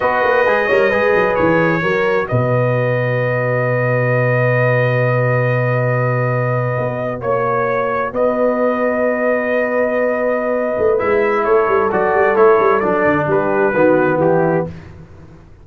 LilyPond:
<<
  \new Staff \with { instrumentName = "trumpet" } { \time 4/4 \tempo 4 = 131 dis''2. cis''4~ | cis''4 dis''2.~ | dis''1~ | dis''2.~ dis''8. cis''16~ |
cis''4.~ cis''16 dis''2~ dis''16~ | dis''1 | e''4 cis''4 d''4 cis''4 | d''4 b'2 g'4 | }
  \new Staff \with { instrumentName = "horn" } { \time 4/4 b'4. cis''8 b'2 | ais'4 b'2.~ | b'1~ | b'2.~ b'8. cis''16~ |
cis''4.~ cis''16 b'2~ b'16~ | b'1~ | b'4 a'2.~ | a'4 g'4 fis'4 e'4 | }
  \new Staff \with { instrumentName = "trombone" } { \time 4/4 fis'4 gis'8 ais'8 gis'2 | fis'1~ | fis'1~ | fis'1~ |
fis'1~ | fis'1 | e'2 fis'4 e'4 | d'2 b2 | }
  \new Staff \with { instrumentName = "tuba" } { \time 4/4 b8 ais8 gis8 g8 gis8 fis8 e4 | fis4 b,2.~ | b,1~ | b,2~ b,8. b4 ais16~ |
ais4.~ ais16 b2~ b16~ | b2.~ b8 a8 | gis4 a8 g8 fis8 g8 a8 g8 | fis8 d8 g4 dis4 e4 | }
>>